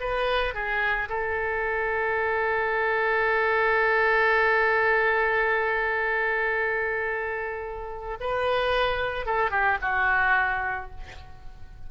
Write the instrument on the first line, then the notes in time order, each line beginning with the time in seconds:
oboe
0.00 B4
0.54 G#4
1.09 A4
8.20 B4
9.26 A4
9.51 G4
9.81 F#4